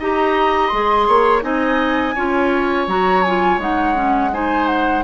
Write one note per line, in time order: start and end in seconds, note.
0.00 0.72 D#4
0.00 0.73 G4
0.00 1.08 D#5
0.00 0.68 A#5
0.68 1.09 G#3
0.68 1.42 G#4
0.68 1.41 C6
1.08 1.43 A#3
1.08 1.44 C#5
1.42 2.16 C4
1.42 2.14 D#4
1.42 2.15 D#5
1.42 2.88 G#5
2.15 2.88 C#4
2.15 2.88 F4
2.15 4.32 C#5
2.88 3.58 F#3
2.88 3.25 F#4
2.88 3.23 A#5
3.23 3.60 F4
3.23 3.60 G#5
3.58 5.03 G#3
3.58 3.95 D#4
3.58 4.34 F#5
3.95 4.31 C#4
4.33 5.05 D#4
4.33 5.05 C5
4.33 4.67 G#5
4.67 5.04 F#5